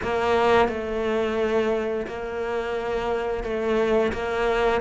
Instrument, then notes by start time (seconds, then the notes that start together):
cello
0.03 A#3
0.68 A3
2.06 A#3
3.43 A3
4.12 A#3